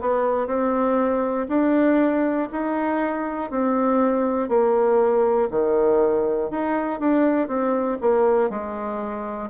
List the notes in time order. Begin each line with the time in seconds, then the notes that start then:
0.00 B3
0.47 C4
1.48 D4
2.51 D#4
3.50 C4
4.48 A#3
5.50 D#3
6.50 D#4
7.00 D4
7.48 C4
8.00 A#3
8.50 G#3